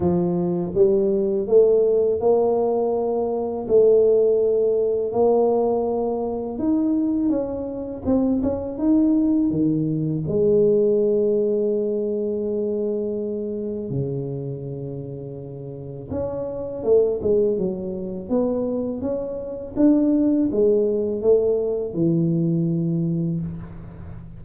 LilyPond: \new Staff \with { instrumentName = "tuba" } { \time 4/4 \tempo 4 = 82 f4 g4 a4 ais4~ | ais4 a2 ais4~ | ais4 dis'4 cis'4 c'8 cis'8 | dis'4 dis4 gis2~ |
gis2. cis4~ | cis2 cis'4 a8 gis8 | fis4 b4 cis'4 d'4 | gis4 a4 e2 | }